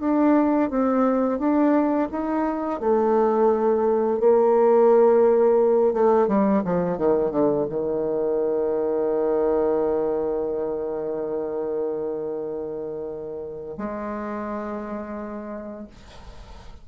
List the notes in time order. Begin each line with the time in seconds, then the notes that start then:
0.00 D4
0.70 C4
1.39 D4
2.11 D#4
2.80 A3
4.20 A#3
5.93 A3
6.28 G3
6.64 F3
6.98 D#3
7.31 D3
7.69 D#3
13.78 G#3